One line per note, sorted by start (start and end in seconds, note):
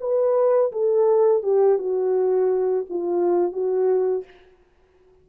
0.00 0.71 B4
0.72 1.43 A4
1.43 1.78 G4
1.78 2.85 F#4
2.90 3.52 F4
3.52 4.24 F#4